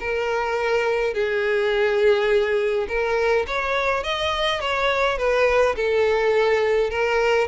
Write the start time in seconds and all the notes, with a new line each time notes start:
0.00 A#4
1.14 G#4
2.89 A#4
3.47 C#5
4.04 D#5
4.61 C#5
5.18 B4
5.76 A4
6.90 A#4